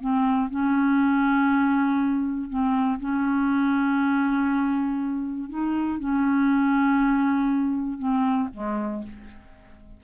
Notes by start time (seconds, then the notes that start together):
0.00 C4
0.50 C#4
2.49 C4
2.99 C#4
5.49 D#4
5.99 C#4
7.98 C4
8.53 G#3